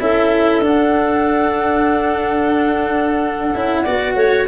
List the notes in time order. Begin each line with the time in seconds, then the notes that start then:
0.00 C#4 E4 A4 E5
0.60 D4 F#5
3.54 C#4 E4
3.82 B3 F#4 D5
4.15 A3 C#5